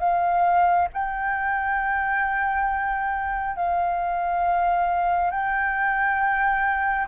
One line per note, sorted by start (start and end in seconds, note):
0.00 0.88 F5
0.93 3.56 G5
3.56 5.31 F5
5.31 7.07 G5